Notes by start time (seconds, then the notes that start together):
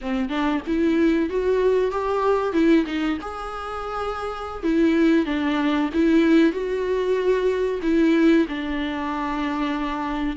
0.01 C4
0.29 D4
0.66 E4
1.29 F#4
1.91 G4
2.52 E4
2.86 D#4
3.21 G#4
4.63 E4
5.25 D4
5.93 E4
6.52 F#4
7.82 E4
8.48 D4